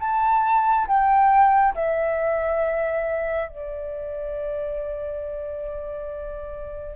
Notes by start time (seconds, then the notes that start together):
0.00 A5
0.87 G5
1.74 E5
3.49 D5